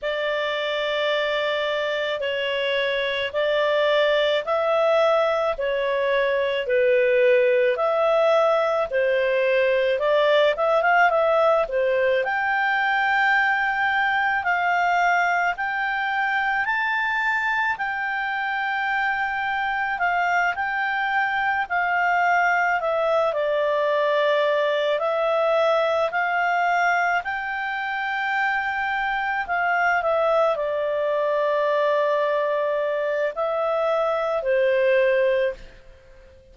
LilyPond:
\new Staff \with { instrumentName = "clarinet" } { \time 4/4 \tempo 4 = 54 d''2 cis''4 d''4 | e''4 cis''4 b'4 e''4 | c''4 d''8 e''16 f''16 e''8 c''8 g''4~ | g''4 f''4 g''4 a''4 |
g''2 f''8 g''4 f''8~ | f''8 e''8 d''4. e''4 f''8~ | f''8 g''2 f''8 e''8 d''8~ | d''2 e''4 c''4 | }